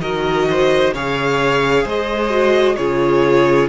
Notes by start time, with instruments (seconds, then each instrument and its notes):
0.00 cello D#3, viola F#4, violin A#4 D#5
0.50 violin C5
0.94 cello C#3, viola G#4, violin C#5 F5
1.84 cello G#3, violin C5 D#5
2.30 viola F#4
2.76 cello C#3, viola F4, violin G#4 C#5